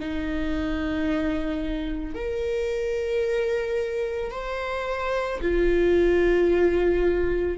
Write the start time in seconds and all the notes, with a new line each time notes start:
0.00 D#4
2.15 A#4
4.31 C5
5.41 F4